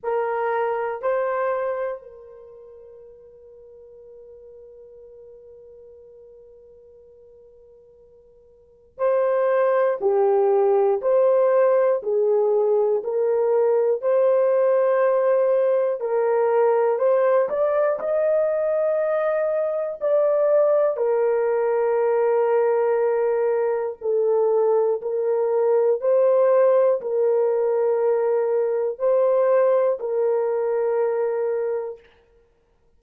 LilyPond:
\new Staff \with { instrumentName = "horn" } { \time 4/4 \tempo 4 = 60 ais'4 c''4 ais'2~ | ais'1~ | ais'4 c''4 g'4 c''4 | gis'4 ais'4 c''2 |
ais'4 c''8 d''8 dis''2 | d''4 ais'2. | a'4 ais'4 c''4 ais'4~ | ais'4 c''4 ais'2 | }